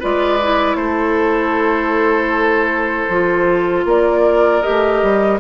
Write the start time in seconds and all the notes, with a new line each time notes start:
0.00 G#3 F4 B4 D5
0.43 E4
0.76 A3 A4 C5
3.09 F3 F4
3.85 A#3 A#4 D5
4.62 G4 D#5
4.69 A3
5.03 G3